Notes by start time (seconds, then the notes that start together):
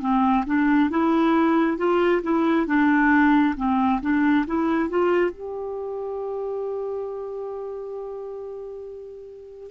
0.00 C4
0.46 D4
0.90 E4
1.77 F4
2.22 E4
2.66 D4
3.56 C4
4.01 D4
4.46 E4
4.89 F4
5.31 G4